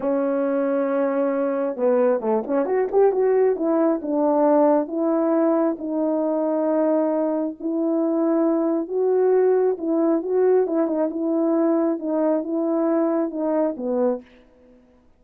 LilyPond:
\new Staff \with { instrumentName = "horn" } { \time 4/4 \tempo 4 = 135 cis'1 | b4 a8 cis'8 fis'8 g'8 fis'4 | e'4 d'2 e'4~ | e'4 dis'2.~ |
dis'4 e'2. | fis'2 e'4 fis'4 | e'8 dis'8 e'2 dis'4 | e'2 dis'4 b4 | }